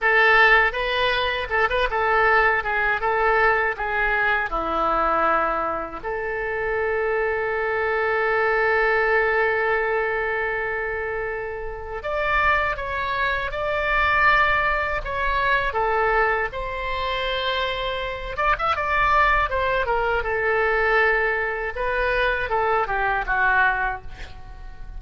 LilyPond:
\new Staff \with { instrumentName = "oboe" } { \time 4/4 \tempo 4 = 80 a'4 b'4 a'16 b'16 a'4 gis'8 | a'4 gis'4 e'2 | a'1~ | a'1 |
d''4 cis''4 d''2 | cis''4 a'4 c''2~ | c''8 d''16 e''16 d''4 c''8 ais'8 a'4~ | a'4 b'4 a'8 g'8 fis'4 | }